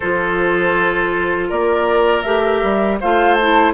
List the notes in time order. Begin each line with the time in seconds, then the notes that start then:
0.00 F3 F4 A4 C5
1.48 A#3 A#4 D5
2.22 A3 G4 E5
2.62 G3
3.00 A3 F4 C5 F5
3.34 A5
3.40 E4